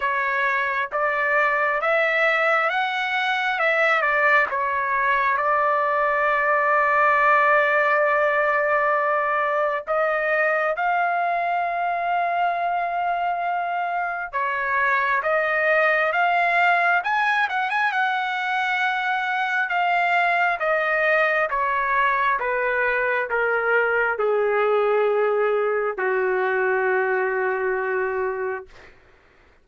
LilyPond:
\new Staff \with { instrumentName = "trumpet" } { \time 4/4 \tempo 4 = 67 cis''4 d''4 e''4 fis''4 | e''8 d''8 cis''4 d''2~ | d''2. dis''4 | f''1 |
cis''4 dis''4 f''4 gis''8 fis''16 gis''16 | fis''2 f''4 dis''4 | cis''4 b'4 ais'4 gis'4~ | gis'4 fis'2. | }